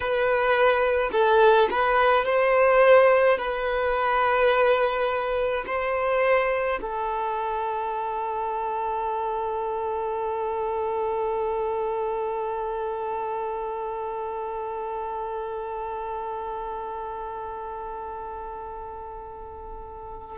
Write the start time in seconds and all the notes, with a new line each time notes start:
0.00 B4
1.12 A4
1.70 B4
2.25 C5
3.38 B4
5.66 C5
6.81 A4